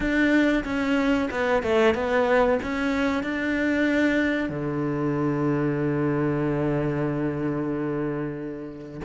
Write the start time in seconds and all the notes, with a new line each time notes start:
0.00 D4
0.64 C#4
1.30 B3
1.62 A3
1.94 B3
2.62 C#4
3.23 D4
4.49 D3